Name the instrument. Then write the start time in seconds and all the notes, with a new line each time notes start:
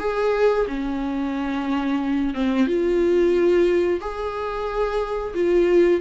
viola
0.00 G#4
0.68 C#4
2.35 C4
2.68 F4
4.01 G#4
5.35 F4